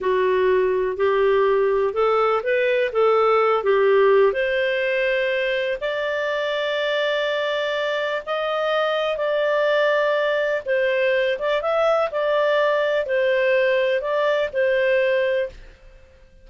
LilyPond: \new Staff \with { instrumentName = "clarinet" } { \time 4/4 \tempo 4 = 124 fis'2 g'2 | a'4 b'4 a'4. g'8~ | g'4 c''2. | d''1~ |
d''4 dis''2 d''4~ | d''2 c''4. d''8 | e''4 d''2 c''4~ | c''4 d''4 c''2 | }